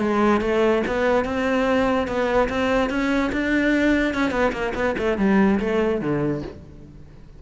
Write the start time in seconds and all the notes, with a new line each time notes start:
0.00 G#3
0.41 A3
0.87 B3
1.25 C4
2.07 B3
2.49 C4
2.90 C#4
3.32 D4
4.14 C#4
4.31 B3
4.52 A#3
4.75 B3
4.98 A3
5.18 G3
5.60 A3
6.01 D3